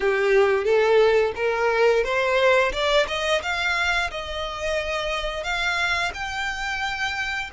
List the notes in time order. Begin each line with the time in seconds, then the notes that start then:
0.00 G4
0.64 A4
1.35 A#4
2.04 C5
2.72 D5
3.07 D#5
3.42 F5
4.10 D#5
5.43 F5
6.14 G5